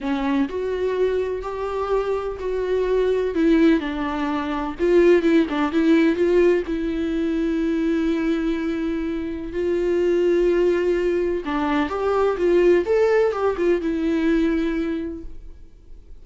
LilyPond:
\new Staff \with { instrumentName = "viola" } { \time 4/4 \tempo 4 = 126 cis'4 fis'2 g'4~ | g'4 fis'2 e'4 | d'2 f'4 e'8 d'8 | e'4 f'4 e'2~ |
e'1 | f'1 | d'4 g'4 f'4 a'4 | g'8 f'8 e'2. | }